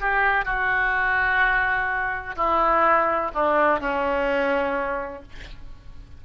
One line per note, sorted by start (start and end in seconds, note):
0.00 0.45 G4
0.45 2.35 F#4
2.36 3.32 E4
3.34 3.80 D4
3.80 5.23 C#4